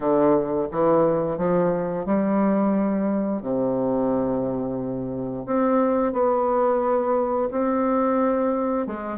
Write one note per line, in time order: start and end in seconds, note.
0.00 0.67 D3
0.71 1.37 E3
1.37 2.05 F3
2.05 3.42 G3
3.42 5.46 C3
5.46 6.12 C4
6.12 7.48 B3
7.51 8.86 C4
8.86 9.17 G#3